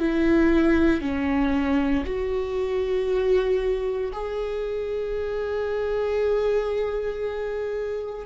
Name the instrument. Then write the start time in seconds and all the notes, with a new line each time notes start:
viola
0.00 E4
1.02 C#4
2.05 F#4
4.13 G#4